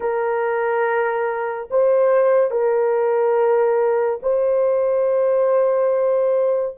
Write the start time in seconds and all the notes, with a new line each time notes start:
0.00 A#4
1.70 C5
2.50 A#4
4.22 C5